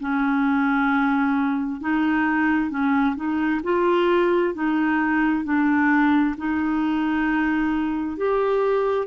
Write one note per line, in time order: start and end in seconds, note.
0.00 1.80 C#4
1.80 2.70 D#4
2.70 3.15 C#4
3.15 3.61 D#4
3.63 4.54 F4
4.54 5.44 D#4
5.44 6.35 D4
6.37 8.17 D#4
8.17 9.07 G4